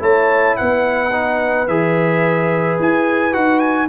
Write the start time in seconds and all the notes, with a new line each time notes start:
0.00 A3 E4 C#5 A5
0.57 B3 B4 F#5
1.12 D#4
1.68 E3 G#4 E5
2.80 E4 G#5
3.33 D#4 F#4 F#5
3.60 G#5